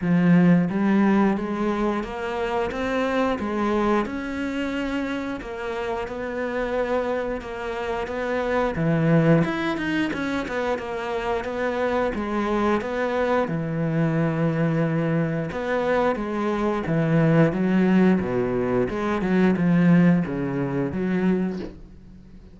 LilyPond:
\new Staff \with { instrumentName = "cello" } { \time 4/4 \tempo 4 = 89 f4 g4 gis4 ais4 | c'4 gis4 cis'2 | ais4 b2 ais4 | b4 e4 e'8 dis'8 cis'8 b8 |
ais4 b4 gis4 b4 | e2. b4 | gis4 e4 fis4 b,4 | gis8 fis8 f4 cis4 fis4 | }